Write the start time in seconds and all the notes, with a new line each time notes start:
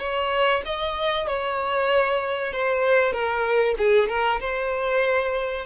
0.00 C#5
0.66 D#5
1.28 C#5
2.53 C5
3.13 A#4
3.78 G#4
4.09 A#4
4.41 C5